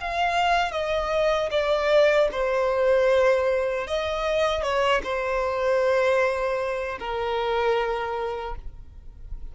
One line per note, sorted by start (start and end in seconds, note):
0.00 0.72 F5
0.72 1.49 D#5
1.51 2.28 D5
2.31 3.87 C5
3.87 4.63 D#5
4.63 5.02 C#5
5.03 6.98 C5
6.99 8.55 A#4